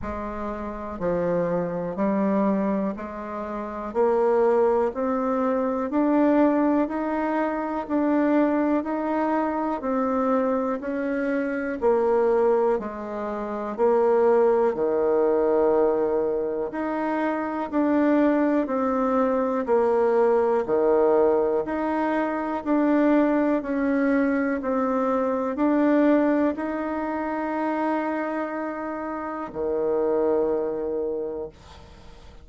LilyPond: \new Staff \with { instrumentName = "bassoon" } { \time 4/4 \tempo 4 = 61 gis4 f4 g4 gis4 | ais4 c'4 d'4 dis'4 | d'4 dis'4 c'4 cis'4 | ais4 gis4 ais4 dis4~ |
dis4 dis'4 d'4 c'4 | ais4 dis4 dis'4 d'4 | cis'4 c'4 d'4 dis'4~ | dis'2 dis2 | }